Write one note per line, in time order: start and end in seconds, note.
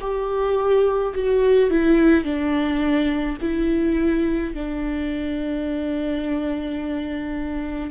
0.00 1.13 G4
1.14 1.70 F#4
1.70 2.24 E4
2.24 3.37 D4
3.41 4.54 E4
4.54 7.90 D4